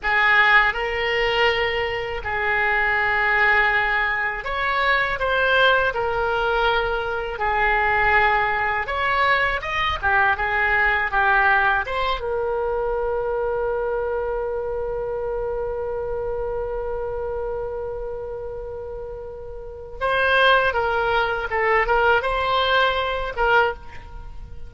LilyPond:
\new Staff \with { instrumentName = "oboe" } { \time 4/4 \tempo 4 = 81 gis'4 ais'2 gis'4~ | gis'2 cis''4 c''4 | ais'2 gis'2 | cis''4 dis''8 g'8 gis'4 g'4 |
c''8 ais'2.~ ais'8~ | ais'1~ | ais'2. c''4 | ais'4 a'8 ais'8 c''4. ais'8 | }